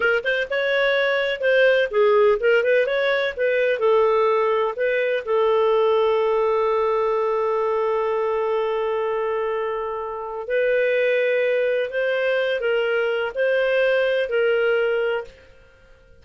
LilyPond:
\new Staff \with { instrumentName = "clarinet" } { \time 4/4 \tempo 4 = 126 ais'8 c''8 cis''2 c''4 | gis'4 ais'8 b'8 cis''4 b'4 | a'2 b'4 a'4~ | a'1~ |
a'1~ | a'2 b'2~ | b'4 c''4. ais'4. | c''2 ais'2 | }